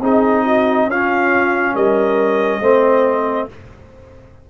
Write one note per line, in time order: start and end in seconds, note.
0.00 0.86 C4
0.00 0.90 D#4
0.00 0.44 G#4
0.00 0.90 D#5
0.44 0.87 F#4
0.86 1.73 C#4
0.86 2.62 C#4
0.86 1.74 F4
0.86 1.76 F5
1.74 2.60 G3
1.74 2.61 A#4
1.74 3.49 D#5
2.60 3.47 A3
2.60 3.49 C4
2.60 3.48 C5